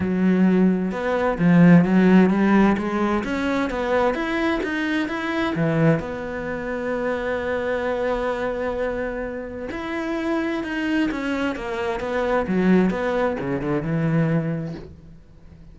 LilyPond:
\new Staff \with { instrumentName = "cello" } { \time 4/4 \tempo 4 = 130 fis2 b4 f4 | fis4 g4 gis4 cis'4 | b4 e'4 dis'4 e'4 | e4 b2.~ |
b1~ | b4 e'2 dis'4 | cis'4 ais4 b4 fis4 | b4 cis8 d8 e2 | }